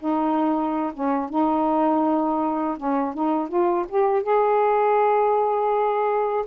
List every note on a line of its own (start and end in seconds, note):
0.00 0.93 D#4
0.94 1.30 C#4
1.30 2.77 D#4
2.77 3.14 C#4
3.14 3.49 D#4
3.49 3.86 F4
3.89 4.24 G4
4.24 6.46 G#4